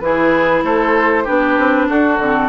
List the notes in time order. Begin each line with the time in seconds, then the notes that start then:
0.00 E3 E4 G#4 B4
0.63 A3 A4 C5
1.24 B3 D4 G4 B4
1.58 C4
1.89 D4 F#4 A4
2.18 D3 C4